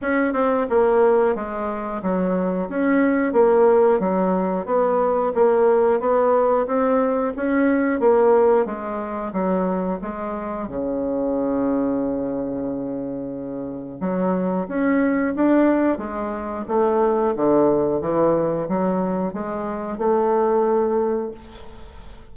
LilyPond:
\new Staff \with { instrumentName = "bassoon" } { \time 4/4 \tempo 4 = 90 cis'8 c'8 ais4 gis4 fis4 | cis'4 ais4 fis4 b4 | ais4 b4 c'4 cis'4 | ais4 gis4 fis4 gis4 |
cis1~ | cis4 fis4 cis'4 d'4 | gis4 a4 d4 e4 | fis4 gis4 a2 | }